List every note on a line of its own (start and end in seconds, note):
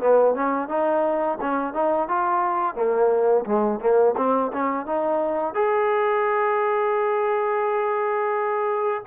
0.00 0.35 B3
0.35 0.68 C#4
0.68 1.38 D#4
1.41 1.74 C#4
1.74 2.08 D#4
2.08 2.75 F4
2.75 3.45 A#3
3.46 3.80 G#3
3.80 4.15 A#3
4.17 4.52 C4
4.53 4.86 C#4
4.86 5.55 D#4
5.55 9.03 G#4